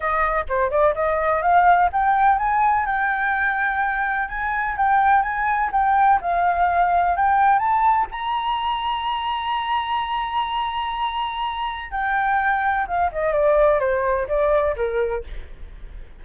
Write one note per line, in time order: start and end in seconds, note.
0.00 0.45 D#5
0.48 0.70 C5
0.70 0.94 D5
0.94 1.42 D#5
1.42 1.89 F5
1.92 2.38 G5
2.38 2.85 G#5
2.85 4.28 G5
4.28 4.76 G#5
4.77 5.22 G5
5.22 5.70 G#5
5.72 6.19 G5
6.21 7.16 F5
7.16 7.58 G5
7.58 8.06 A5
8.11 11.91 A#5
11.91 12.86 G5
12.87 13.10 F5
13.12 13.32 D#5
13.32 13.79 D5
13.79 14.27 C5
14.28 14.75 D5
14.76 15.24 A#4